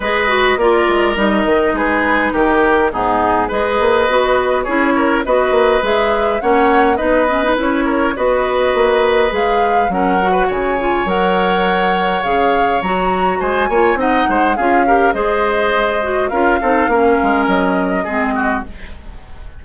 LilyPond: <<
  \new Staff \with { instrumentName = "flute" } { \time 4/4 \tempo 4 = 103 dis''4 d''4 dis''4 b'4 | ais'4 gis'4 dis''2 | cis''4 dis''4 e''4 fis''4 | dis''4 cis''4 dis''2 |
f''4 fis''4 gis''4 fis''4~ | fis''4 f''4 ais''4 gis''4 | fis''4 f''4 dis''2 | f''2 dis''2 | }
  \new Staff \with { instrumentName = "oboe" } { \time 4/4 b'4 ais'2 gis'4 | g'4 dis'4 b'2 | gis'8 ais'8 b'2 cis''4 | b'4. ais'8 b'2~ |
b'4 ais'8. b'16 cis''2~ | cis''2. c''8 cis''8 | dis''8 c''8 gis'8 ais'8 c''2 | ais'8 a'8 ais'2 gis'8 fis'8 | }
  \new Staff \with { instrumentName = "clarinet" } { \time 4/4 gis'8 fis'8 f'4 dis'2~ | dis'4 b4 gis'4 fis'4 | e'4 fis'4 gis'4 cis'4 | dis'8 cis'16 dis'16 e'4 fis'2 |
gis'4 cis'8 fis'4 f'8 ais'4~ | ais'4 gis'4 fis'4. f'8 | dis'4 f'8 g'8 gis'4. fis'8 | f'8 dis'8 cis'2 c'4 | }
  \new Staff \with { instrumentName = "bassoon" } { \time 4/4 gis4 ais8 gis8 g8 dis8 gis4 | dis4 gis,4 gis8 ais8 b4 | cis'4 b8 ais8 gis4 ais4 | b4 cis'4 b4 ais4 |
gis4 fis4 cis4 fis4~ | fis4 cis4 fis4 gis8 ais8 | c'8 gis8 cis'4 gis2 | cis'8 c'8 ais8 gis8 fis4 gis4 | }
>>